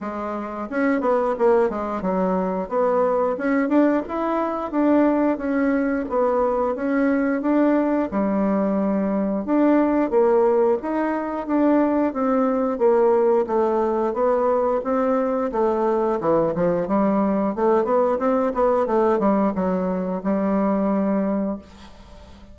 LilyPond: \new Staff \with { instrumentName = "bassoon" } { \time 4/4 \tempo 4 = 89 gis4 cis'8 b8 ais8 gis8 fis4 | b4 cis'8 d'8 e'4 d'4 | cis'4 b4 cis'4 d'4 | g2 d'4 ais4 |
dis'4 d'4 c'4 ais4 | a4 b4 c'4 a4 | e8 f8 g4 a8 b8 c'8 b8 | a8 g8 fis4 g2 | }